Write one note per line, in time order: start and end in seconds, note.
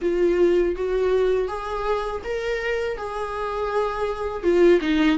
0.01 0.75 F4
0.75 1.47 F#4
1.47 2.22 G#4
2.24 2.97 A#4
2.97 4.43 G#4
4.43 4.80 F4
4.81 5.18 D#4